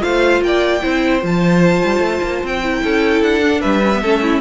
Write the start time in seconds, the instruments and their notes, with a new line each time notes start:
0.00 cello A3, viola F4, violin C5 F5
0.42 cello A#3, violin D5 G5
0.82 cello C4, viola E4, violin C5
1.21 cello F3, viola F4, violin A5
1.84 cello G3
1.99 cello A3
2.23 cello A#3
2.44 cello C4, violin G5
2.64 viola E4
2.71 violin A#4
2.84 cello C#4, violin A4
3.22 cello D4, violin F#5
3.43 viola D4
3.62 cello G3, violin B4 E5
3.84 viola C#4
3.94 viola B3
4.02 cello A3, viola C#4, violin A4
4.23 violin E4